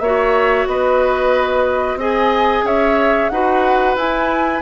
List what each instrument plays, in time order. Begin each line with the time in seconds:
0.00 bassoon A#3, clarinet F#4, oboe C#5, flute E5
0.66 bassoon B3, oboe B4, flute D#5
1.96 bassoon C4, clarinet G#4, oboe D#5, flute G#5
2.63 bassoon C#4, oboe C#5, flute E5
3.29 bassoon D#4, clarinet F#4, oboe B4, flute F#5
3.96 bassoon E4, clarinet E4, flute G#5